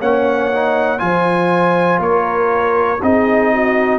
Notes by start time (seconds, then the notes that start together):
0.00 A#3 C#4 C#5 F#5
0.53 D#4
0.99 F3 F4 C5 G#5
1.99 A#3 A#4 C#5
3.02 C4 D#4 G#4 D#5
3.53 F#4